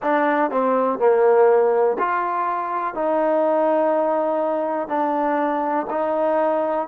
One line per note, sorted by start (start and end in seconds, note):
0.02 0.50 D4
0.50 0.98 C4
0.98 1.97 A#3
1.99 2.94 F4
2.94 4.87 D#4
4.87 5.86 D4
5.90 6.87 D#4